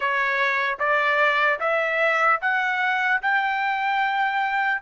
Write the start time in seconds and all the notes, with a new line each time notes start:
0.00 C#5
0.79 D5
1.60 E5
2.41 F#5
3.22 G5